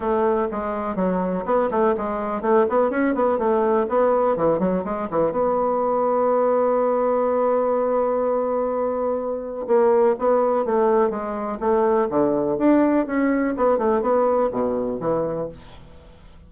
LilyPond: \new Staff \with { instrumentName = "bassoon" } { \time 4/4 \tempo 4 = 124 a4 gis4 fis4 b8 a8 | gis4 a8 b8 cis'8 b8 a4 | b4 e8 fis8 gis8 e8 b4~ | b1~ |
b1 | ais4 b4 a4 gis4 | a4 d4 d'4 cis'4 | b8 a8 b4 b,4 e4 | }